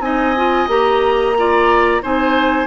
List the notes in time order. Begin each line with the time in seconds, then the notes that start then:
0.00 C4 D#4 D#5 G#5
0.37 F4
0.68 A#3 G4 A#5
1.38 F4 D5
2.02 C4 D#4 C5 G#5